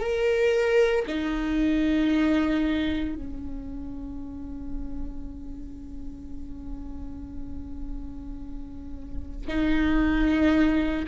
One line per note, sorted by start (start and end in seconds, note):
0.00 1.05 A#4
1.07 3.15 D#4
3.15 9.46 C#4
9.47 11.05 D#4